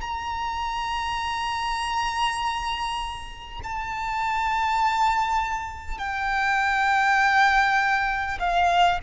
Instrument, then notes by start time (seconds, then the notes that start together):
violin
0.00 A#5
3.63 A5
5.98 G5
8.39 F5